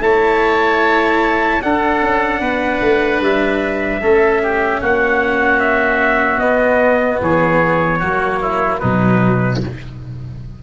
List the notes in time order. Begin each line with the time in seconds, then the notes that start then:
0.00 A3 E4 C#5 A5
1.62 D4 A4 F#5
2.02 C#4
2.40 B3 B4
2.81 A3
3.21 G3 E5
4.02 A3 C#4 A4
4.43 G4
4.81 A#3 F#4 F#5
5.60 E5
6.38 B3 D#5
7.22 E3 G#4 C#5
7.99 F#3 A#3 F#4
8.41 E4
8.79 B2 F#3 D#4 B4